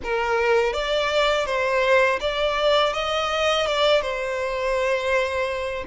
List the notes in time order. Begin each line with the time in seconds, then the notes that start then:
0.03 A#4
0.73 D5
1.46 C5
2.20 D5
2.93 D#5
3.66 D5
4.01 C5